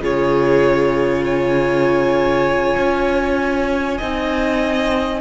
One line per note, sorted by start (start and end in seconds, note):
0.00 2.76 C#3
0.00 4.00 F4
0.00 1.24 G#4
0.00 1.26 C#5
1.24 3.98 C#5
1.24 5.21 G#5
2.78 4.00 C#4
3.98 5.21 C4
3.98 5.21 D#4
3.98 5.21 D#5